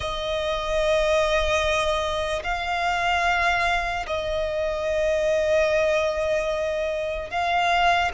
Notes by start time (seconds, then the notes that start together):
0.00 D#5
2.43 F5
4.07 D#5
7.30 F5